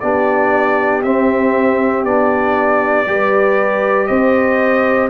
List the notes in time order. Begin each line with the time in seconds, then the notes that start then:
0.00 B3 D4 G4 D5
1.03 C4 E5
2.04 B3 D4 D5
3.07 G3 G4 B4
4.07 C4 C5 D#5